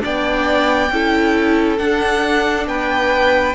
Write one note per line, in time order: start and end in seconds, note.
0.00 0.91 B3
0.00 0.88 D4
0.00 0.92 D5
0.00 1.78 G5
0.91 1.79 C#4
0.91 1.78 E4
0.91 2.68 A4
1.78 3.55 D4
1.78 2.67 D4
1.78 2.67 F#5
2.67 3.55 B3
2.67 3.55 B4
2.67 3.55 G5